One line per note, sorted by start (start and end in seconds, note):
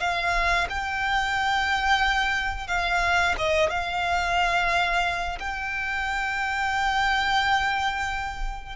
0.00 0.67 F5
0.70 2.68 G5
2.68 3.35 F5
3.38 3.70 D#5
3.70 5.39 F5
5.40 8.76 G5